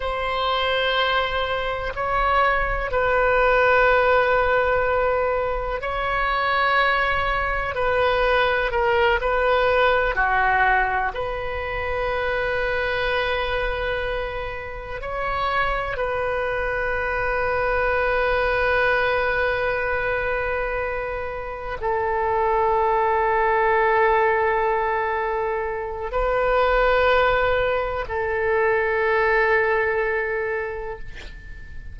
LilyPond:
\new Staff \with { instrumentName = "oboe" } { \time 4/4 \tempo 4 = 62 c''2 cis''4 b'4~ | b'2 cis''2 | b'4 ais'8 b'4 fis'4 b'8~ | b'2.~ b'8 cis''8~ |
cis''8 b'2.~ b'8~ | b'2~ b'8 a'4.~ | a'2. b'4~ | b'4 a'2. | }